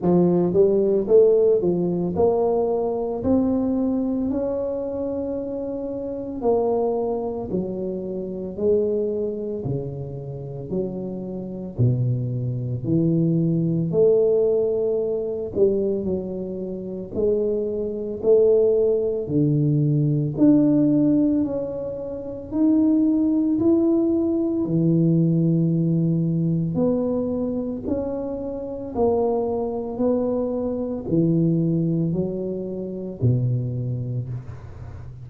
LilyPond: \new Staff \with { instrumentName = "tuba" } { \time 4/4 \tempo 4 = 56 f8 g8 a8 f8 ais4 c'4 | cis'2 ais4 fis4 | gis4 cis4 fis4 b,4 | e4 a4. g8 fis4 |
gis4 a4 d4 d'4 | cis'4 dis'4 e'4 e4~ | e4 b4 cis'4 ais4 | b4 e4 fis4 b,4 | }